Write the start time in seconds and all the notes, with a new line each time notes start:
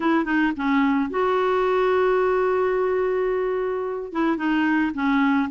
0.00 E4
0.25 D#4
0.56 C#4
1.10 F#4
4.12 E4
4.37 D#4
4.94 C#4